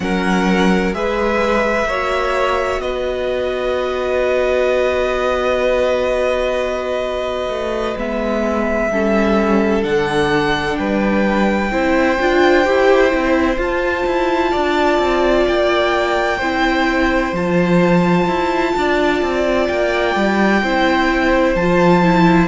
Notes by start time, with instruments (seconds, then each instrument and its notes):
0.00 cello F#3, viola C#4, violin A#4 F#5
0.93 cello G#3, viola G#4, violin B4 E5
1.85 cello A#3, viola F#4, violin C#5
2.79 cello B3, violin B4 D#5
7.48 cello A3
7.96 cello G#3, viola B3, violin E5
8.90 cello G3, viola C#4, violin A4
9.82 cello D3, viola D4, violin F#5
10.76 cello G3, violin B4 G5
11.71 cello C4, viola E4, violin C5
12.20 cello D4, viola F4
12.64 cello E4, viola G4
13.10 cello C4, viola E4
13.57 viola F4, cello F4, violin A5
14.06 cello E4
14.51 cello D4, violin D5
14.98 cello C4
15.47 cello A#3, violin G5
16.38 cello C4, viola E4, violin C5
17.32 cello F3, viola F4, violin A5
18.27 cello E4
18.77 cello D4, violin D5
19.22 cello C4
19.67 cello A#3, violin G5
20.15 cello G3
20.62 cello C4, viola E4, violin C5
21.55 cello F3, viola F4, violin A5
22.03 viola E4